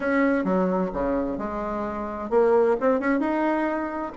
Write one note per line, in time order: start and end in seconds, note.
0.00 0.44 C#4
0.44 0.90 F#3
0.93 1.37 C#3
1.37 2.30 G#3
2.30 2.76 A#3
2.80 2.99 C4
2.99 3.19 C#4
3.19 4.11 D#4